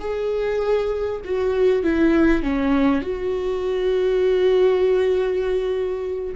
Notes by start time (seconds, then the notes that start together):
0.00 G#4
1.25 F#4
1.84 E4
2.43 C#4
3.02 F#4